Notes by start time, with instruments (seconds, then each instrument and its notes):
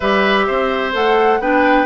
0.00 bassoon G3, clarinet G4, oboe B4, flute E5
0.46 bassoon C4, oboe C5
0.92 bassoon A3, clarinet A4, flute F#5
1.40 bassoon B3, clarinet D4, oboe B4, flute G5